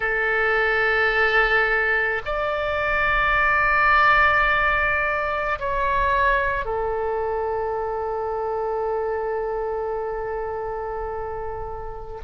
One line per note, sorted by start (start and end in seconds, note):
0.00 2.22 A4
2.25 5.58 D5
5.59 6.65 C#5
6.65 12.20 A4